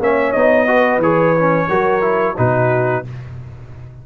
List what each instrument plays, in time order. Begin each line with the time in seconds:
0.00 tuba A#3, trombone C#4, horn C#5, trumpet E5
0.32 tuba B3, trombone D#4, trumpet D#5
0.67 trombone F#4, horn B4
0.98 tuba E3, trombone G#4, trumpet C#5
1.40 trombone C#4
1.69 tuba F#3, trombone F#4, horn A#4
2.01 trombone E4
2.37 tuba B2, trombone D#4, horn F#4, trumpet B4